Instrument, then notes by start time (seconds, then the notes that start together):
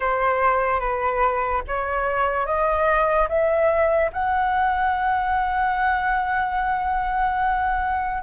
flute
0.00 C5
0.80 B4
1.67 C#5
2.45 D#5
3.28 E5
4.12 F#5